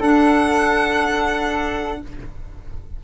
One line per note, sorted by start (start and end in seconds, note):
0.00 2.00 D4
0.00 2.04 D4
0.00 2.00 A4
0.00 2.02 F#5